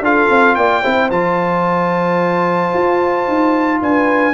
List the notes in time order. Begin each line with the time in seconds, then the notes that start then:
0.00 D4 F4 A4 F5
0.30 C4
0.55 A#3 D5 G5
0.83 C4 E4 C5
1.11 F3 F4 A5
2.74 F4
3.27 D#4
3.82 D4 B4 G#5